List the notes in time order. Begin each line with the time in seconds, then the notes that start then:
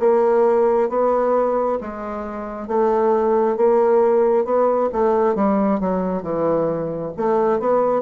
0.00 A#3
0.89 B3
1.81 G#3
2.68 A3
3.57 A#3
4.45 B3
4.93 A3
5.36 G3
5.80 F#3
6.22 E3
7.17 A3
7.60 B3